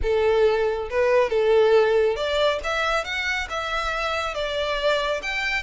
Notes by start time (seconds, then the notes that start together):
0.02 A4
0.90 B4
1.29 A4
2.16 D5
2.63 E5
3.04 F#5
3.49 E5
4.34 D5
5.22 G5